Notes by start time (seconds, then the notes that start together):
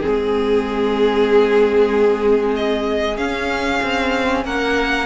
0.00 C4 G#4
0.07 G#3
2.56 D#5
3.17 C#4 F5
3.83 C4
4.45 A#3 A#4 F#5